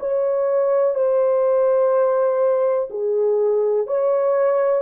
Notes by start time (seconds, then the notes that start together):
0.00 C#5
0.95 C5
2.90 G#4
3.87 C#5